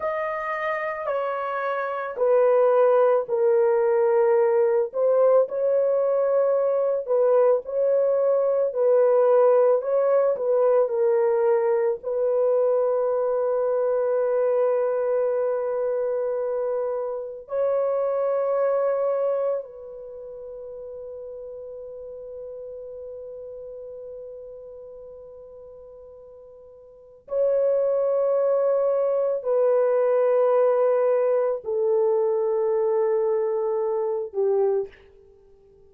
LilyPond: \new Staff \with { instrumentName = "horn" } { \time 4/4 \tempo 4 = 55 dis''4 cis''4 b'4 ais'4~ | ais'8 c''8 cis''4. b'8 cis''4 | b'4 cis''8 b'8 ais'4 b'4~ | b'1 |
cis''2 b'2~ | b'1~ | b'4 cis''2 b'4~ | b'4 a'2~ a'8 g'8 | }